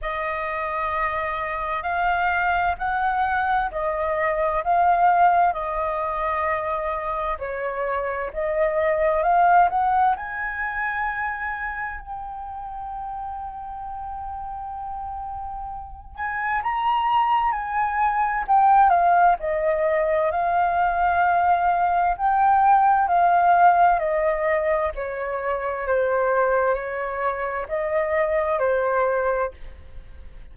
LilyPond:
\new Staff \with { instrumentName = "flute" } { \time 4/4 \tempo 4 = 65 dis''2 f''4 fis''4 | dis''4 f''4 dis''2 | cis''4 dis''4 f''8 fis''8 gis''4~ | gis''4 g''2.~ |
g''4. gis''8 ais''4 gis''4 | g''8 f''8 dis''4 f''2 | g''4 f''4 dis''4 cis''4 | c''4 cis''4 dis''4 c''4 | }